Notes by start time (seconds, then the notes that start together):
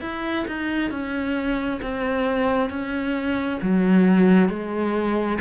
0.00 E4
0.47 D#4
0.90 C#4
1.82 C4
2.69 C#4
3.61 F#3
4.49 G#3